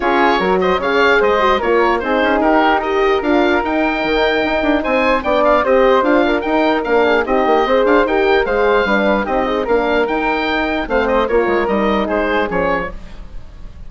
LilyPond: <<
  \new Staff \with { instrumentName = "oboe" } { \time 4/4 \tempo 4 = 149 cis''4. dis''8 f''4 dis''4 | cis''4 c''4 ais'4 dis''4 | f''4 g''2. | gis''4 g''8 f''8 dis''4 f''4 |
g''4 f''4 dis''4. f''8 | g''4 f''2 dis''4 | f''4 g''2 f''8 dis''8 | cis''4 dis''4 c''4 cis''4 | }
  \new Staff \with { instrumentName = "flute" } { \time 4/4 gis'4 ais'8 c''8 cis''4 c''4 | ais'4 gis'4 g'4 ais'4~ | ais'1 | c''4 d''4 c''4. ais'8~ |
ais'4. gis'8 g'4 c''4 | ais'4 c''4 b'4 g'8 dis'8 | ais'2. c''4 | ais'2 gis'2 | }
  \new Staff \with { instrumentName = "horn" } { \time 4/4 f'4 fis'4 gis'4. fis'8 | f'4 dis'2 g'4 | f'4 dis'2.~ | dis'4 d'4 g'4 f'4 |
dis'4 d'4 dis'4 gis'4 | g'4 gis'4 d'4 dis'8 gis'8 | d'4 dis'2 c'4 | f'4 dis'2 cis'4 | }
  \new Staff \with { instrumentName = "bassoon" } { \time 4/4 cis'4 fis4 cis4 gis4 | ais4 c'8 cis'8 dis'2 | d'4 dis'4 dis4 dis'8 d'8 | c'4 b4 c'4 d'4 |
dis'4 ais4 c'8 ais8 c'8 d'8 | dis'4 gis4 g4 c'4 | ais4 dis'2 a4 | ais8 gis8 g4 gis4 f4 | }
>>